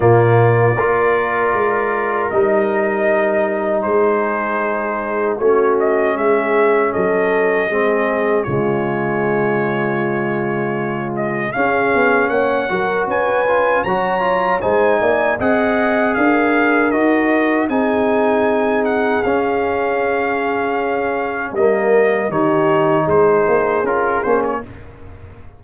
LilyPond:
<<
  \new Staff \with { instrumentName = "trumpet" } { \time 4/4 \tempo 4 = 78 d''2. dis''4~ | dis''4 c''2 cis''8 dis''8 | e''4 dis''2 cis''4~ | cis''2~ cis''8 dis''8 f''4 |
fis''4 gis''4 ais''4 gis''4 | fis''4 f''4 dis''4 gis''4~ | gis''8 fis''8 f''2. | dis''4 cis''4 c''4 ais'8 c''16 cis''16 | }
  \new Staff \with { instrumentName = "horn" } { \time 4/4 f'4 ais'2.~ | ais'4 gis'2 fis'4 | gis'4 a'4 gis'4 f'4~ | f'2. gis'4 |
cis''8 ais'8 b'4 cis''4 c''8 d''8 | dis''4 ais'2 gis'4~ | gis'1 | ais'4 g'4 gis'2 | }
  \new Staff \with { instrumentName = "trombone" } { \time 4/4 ais4 f'2 dis'4~ | dis'2. cis'4~ | cis'2 c'4 gis4~ | gis2. cis'4~ |
cis'8 fis'4 f'8 fis'8 f'8 dis'4 | gis'2 fis'4 dis'4~ | dis'4 cis'2. | ais4 dis'2 f'8 cis'8 | }
  \new Staff \with { instrumentName = "tuba" } { \time 4/4 ais,4 ais4 gis4 g4~ | g4 gis2 a4 | gis4 fis4 gis4 cis4~ | cis2. cis'8 b8 |
ais8 fis8 cis'4 fis4 gis8 ais8 | c'4 d'4 dis'4 c'4~ | c'4 cis'2. | g4 dis4 gis8 ais8 cis'8 ais8 | }
>>